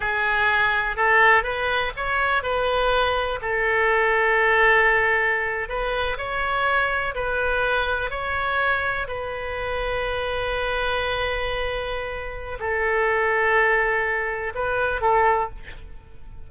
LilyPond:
\new Staff \with { instrumentName = "oboe" } { \time 4/4 \tempo 4 = 124 gis'2 a'4 b'4 | cis''4 b'2 a'4~ | a'2.~ a'8. b'16~ | b'8. cis''2 b'4~ b'16~ |
b'8. cis''2 b'4~ b'16~ | b'1~ | b'2 a'2~ | a'2 b'4 a'4 | }